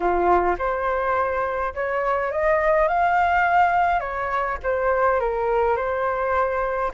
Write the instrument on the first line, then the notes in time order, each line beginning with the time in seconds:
flute
0.00 F4
0.58 C5
1.74 C#5
2.31 D#5
2.88 F5
4.00 C#5
4.63 C5
5.19 A#4
5.76 C5